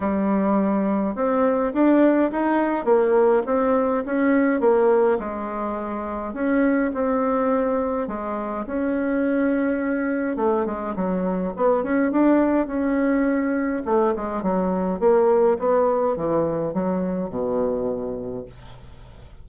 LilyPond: \new Staff \with { instrumentName = "bassoon" } { \time 4/4 \tempo 4 = 104 g2 c'4 d'4 | dis'4 ais4 c'4 cis'4 | ais4 gis2 cis'4 | c'2 gis4 cis'4~ |
cis'2 a8 gis8 fis4 | b8 cis'8 d'4 cis'2 | a8 gis8 fis4 ais4 b4 | e4 fis4 b,2 | }